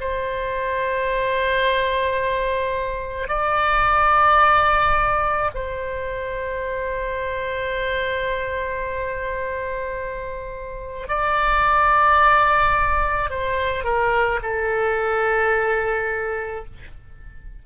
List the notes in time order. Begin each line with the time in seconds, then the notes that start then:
0.00 C5
3.28 D5
5.55 C5
11.08 D5
13.30 C5
13.84 A#4
14.42 A4